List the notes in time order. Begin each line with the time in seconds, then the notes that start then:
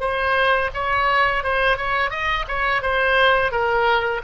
0.00 C5
0.74 C#5
1.44 C5
1.77 C#5
2.10 D#5
2.48 C#5
2.82 C5
3.51 A#4